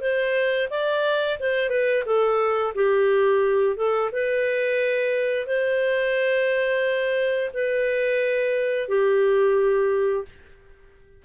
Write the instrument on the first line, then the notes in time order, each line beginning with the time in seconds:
clarinet
0.00 C5
0.70 D5
1.39 C5
1.70 B4
2.05 A4
2.74 G4
3.76 A4
4.12 B4
5.46 C5
7.53 B4
8.88 G4